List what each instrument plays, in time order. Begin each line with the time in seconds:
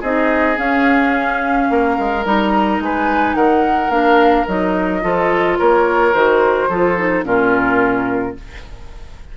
0.00 bassoon C4, clarinet D#4, oboe G#4, flute D#5
0.55 clarinet C#4, bassoon C#4, flute F5
1.70 bassoon A#3, oboe A#4
1.98 bassoon G#3
2.25 bassoon G3, clarinet D#4, flute A#5
2.79 bassoon G#3, oboe B4, flute G#5
3.34 bassoon D#3, oboe A#4, flute F#5
3.89 bassoon A#3, clarinet D4, flute F5
4.47 bassoon F#3, clarinet D#4, flute D#5
5.01 bassoon F3, clarinet F4, oboe A4
5.58 bassoon A#3, oboe A#4, flute C#5
6.13 bassoon D#3, clarinet F#4, flute C5
6.68 bassoon F3, clarinet F4, oboe A4
6.98 clarinet D#4
7.24 bassoon A#2, clarinet C#4, oboe F4, flute A#4